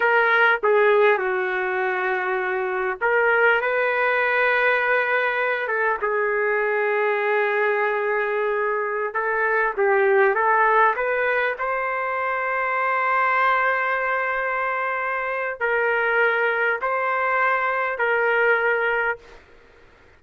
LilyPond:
\new Staff \with { instrumentName = "trumpet" } { \time 4/4 \tempo 4 = 100 ais'4 gis'4 fis'2~ | fis'4 ais'4 b'2~ | b'4. a'8 gis'2~ | gis'2.~ gis'16 a'8.~ |
a'16 g'4 a'4 b'4 c''8.~ | c''1~ | c''2 ais'2 | c''2 ais'2 | }